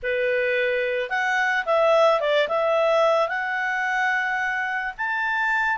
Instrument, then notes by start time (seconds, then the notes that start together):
clarinet
0.03 B4
1.09 F#5
1.65 E5
2.20 D5
2.48 E5
3.28 F#5
4.97 A5